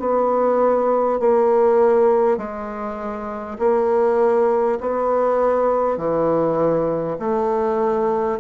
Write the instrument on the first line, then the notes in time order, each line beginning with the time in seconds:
bassoon
0.00 B3
1.20 A#3
2.38 G#3
3.59 A#3
4.81 B3
5.98 E3
7.19 A3